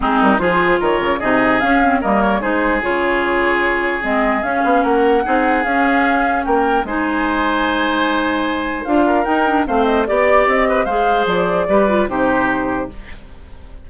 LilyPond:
<<
  \new Staff \with { instrumentName = "flute" } { \time 4/4 \tempo 4 = 149 gis'8 ais'8 c''4 cis''4 dis''4 | f''4 dis''8 cis''8 c''4 cis''4~ | cis''2 dis''4 f''4 | fis''2 f''2 |
g''4 gis''2.~ | gis''2 f''4 g''4 | f''8 dis''8 d''4 dis''4 f''4 | d''2 c''2 | }
  \new Staff \with { instrumentName = "oboe" } { \time 4/4 dis'4 gis'4 ais'4 gis'4~ | gis'4 ais'4 gis'2~ | gis'1 | ais'4 gis'2. |
ais'4 c''2.~ | c''2~ c''8 ais'4. | c''4 d''4. b'8 c''4~ | c''4 b'4 g'2 | }
  \new Staff \with { instrumentName = "clarinet" } { \time 4/4 c'4 f'2 dis'4 | cis'8 c'8 ais4 dis'4 f'4~ | f'2 c'4 cis'4~ | cis'4 dis'4 cis'2~ |
cis'4 dis'2.~ | dis'2 f'4 dis'8 d'8 | c'4 g'2 gis'4~ | gis'4 g'8 f'8 dis'2 | }
  \new Staff \with { instrumentName = "bassoon" } { \time 4/4 gis8 g8 f4 dis8 cis8 c4 | cis'4 g4 gis4 cis4~ | cis2 gis4 cis'8 b8 | ais4 c'4 cis'2 |
ais4 gis2.~ | gis2 d'4 dis'4 | a4 b4 c'4 gis4 | f4 g4 c2 | }
>>